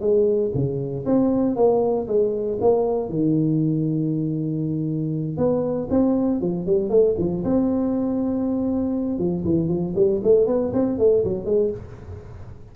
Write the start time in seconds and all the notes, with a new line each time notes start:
0.00 G#3
0.54 C#3
1.05 C4
1.56 A#3
2.07 G#3
2.60 A#3
3.09 D#3
5.37 B3
5.90 C4
6.40 F3
6.66 G3
6.89 A3
7.18 F3
7.44 C4
9.18 F3
9.44 E3
9.68 F3
9.95 G3
10.23 A3
10.46 B3
10.73 C4
10.98 A3
11.23 F#3
11.45 G#3